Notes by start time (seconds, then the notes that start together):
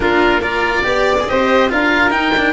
0.00 A#3 D4 F4 A#4
0.41 F4 A#4 D5
0.83 B3 G4 D5
1.20 G#4
1.28 C4 G4 C5 D#5
1.69 D4 F4 A#4 F5
2.10 D#4 G5
2.37 D4